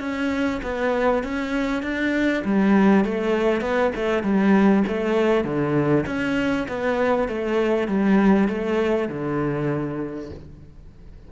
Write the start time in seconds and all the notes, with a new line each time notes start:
0.00 C#4
0.63 B3
1.23 C#4
1.82 D4
2.45 G3
3.05 A3
3.61 B3
3.95 A3
4.23 G3
4.87 A3
5.44 D3
6.06 C#4
6.68 B3
7.28 A3
7.88 G3
8.48 A3
9.09 D3